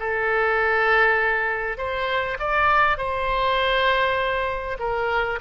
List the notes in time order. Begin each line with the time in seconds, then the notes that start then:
0.00 A4
1.78 C5
2.40 D5
2.98 C5
4.79 A#4